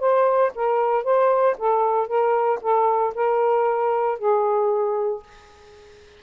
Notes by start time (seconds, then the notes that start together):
0.00 C5
0.55 A#4
1.04 C5
1.58 A4
2.08 A#4
2.62 A4
3.15 A#4
4.19 G#4